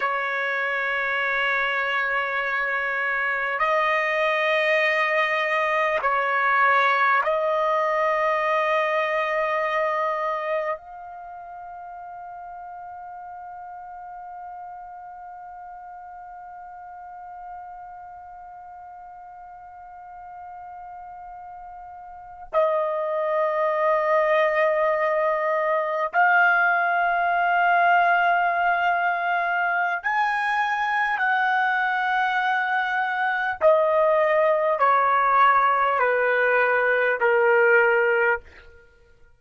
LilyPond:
\new Staff \with { instrumentName = "trumpet" } { \time 4/4 \tempo 4 = 50 cis''2. dis''4~ | dis''4 cis''4 dis''2~ | dis''4 f''2.~ | f''1~ |
f''2~ f''8. dis''4~ dis''16~ | dis''4.~ dis''16 f''2~ f''16~ | f''4 gis''4 fis''2 | dis''4 cis''4 b'4 ais'4 | }